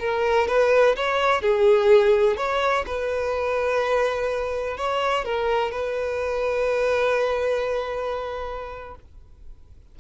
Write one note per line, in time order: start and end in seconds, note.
0.00 0.48 A#4
0.48 0.96 B4
0.96 1.42 C#5
1.42 2.37 G#4
2.37 2.85 C#5
2.87 4.78 B4
4.78 5.25 C#5
5.25 5.72 A#4
5.72 8.96 B4